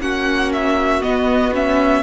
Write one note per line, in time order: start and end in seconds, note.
0.00 1.02 A#3
0.00 1.01 C#4
0.00 2.02 F#4
0.00 0.52 F#5
0.53 1.02 E5
1.01 1.52 B3
1.01 2.02 B3
1.01 1.53 D#5
1.53 2.02 C#4
1.53 2.02 E5